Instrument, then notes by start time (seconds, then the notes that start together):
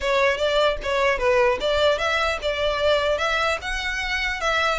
violin
0.01 C#5
0.37 D5
0.82 C#5
1.18 B4
1.60 D5
1.98 E5
2.42 D5
3.18 E5
3.61 F#5
4.40 E5